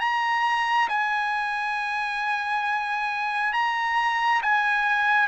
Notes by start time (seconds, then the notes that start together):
0.00 A#5
0.89 G#5
3.53 A#5
4.42 G#5